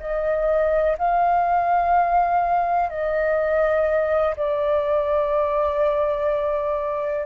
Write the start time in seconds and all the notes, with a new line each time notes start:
0.00 D#5
0.98 F5
2.89 D#5
4.36 D5